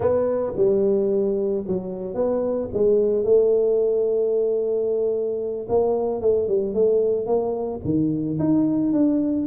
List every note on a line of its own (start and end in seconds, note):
0.00 0.53 B3
0.56 1.64 G3
1.67 2.14 F#3
2.14 2.68 B3
2.73 3.24 G#3
3.24 5.67 A3
5.69 6.21 A#3
6.21 6.48 A3
6.48 6.74 G3
6.74 7.26 A3
7.26 7.80 A#3
7.84 8.38 D#3
8.39 8.92 D#4
8.92 9.46 D4